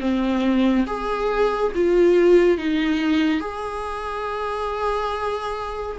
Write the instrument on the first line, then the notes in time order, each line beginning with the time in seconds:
viola
0.00 C4
0.86 G#4
1.75 F4
2.58 D#4
3.40 G#4